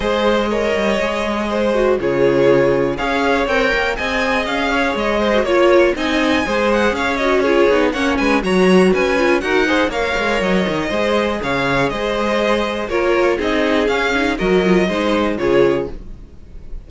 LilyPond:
<<
  \new Staff \with { instrumentName = "violin" } { \time 4/4 \tempo 4 = 121 dis''1 | cis''2 f''4 g''4 | gis''4 f''4 dis''4 cis''4 | gis''4. fis''8 f''8 dis''8 cis''4 |
fis''8 gis''8 ais''4 gis''4 fis''4 | f''4 dis''2 f''4 | dis''2 cis''4 dis''4 | f''4 dis''2 cis''4 | }
  \new Staff \with { instrumentName = "violin" } { \time 4/4 c''4 cis''2 c''4 | gis'2 cis''2 | dis''4. cis''4 c''8 cis''4 | dis''4 c''4 cis''4 gis'4 |
cis''8 b'8 cis''4 b'4 ais'8 c''8 | cis''2 c''4 cis''4 | c''2 ais'4 gis'4~ | gis'4 ais'4 c''4 gis'4 | }
  \new Staff \with { instrumentName = "viola" } { \time 4/4 gis'4 ais'4 gis'4. fis'8 | f'2 gis'4 ais'4 | gis'2~ gis'8. fis'16 f'4 | dis'4 gis'4. fis'8 f'8 dis'8 |
cis'4 fis'4. f'8 fis'8 gis'8 | ais'2 gis'2~ | gis'2 f'4 dis'4 | cis'8 dis'8 fis'8 f'8 dis'4 f'4 | }
  \new Staff \with { instrumentName = "cello" } { \time 4/4 gis4. g8 gis2 | cis2 cis'4 c'8 ais8 | c'4 cis'4 gis4 ais4 | c'4 gis4 cis'4. b8 |
ais8 gis8 fis4 cis'4 dis'4 | ais8 gis8 fis8 dis8 gis4 cis4 | gis2 ais4 c'4 | cis'4 fis4 gis4 cis4 | }
>>